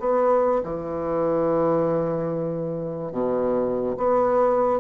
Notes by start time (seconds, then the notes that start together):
0.00 B3
0.64 E3
3.12 B2
3.97 B3